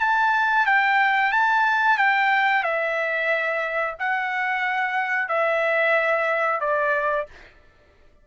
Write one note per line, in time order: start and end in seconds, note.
0.00 0.66 A5
0.66 1.32 G5
1.32 1.98 A5
1.98 2.63 G5
2.63 3.95 E5
3.99 5.28 F#5
5.28 6.60 E5
6.60 7.26 D5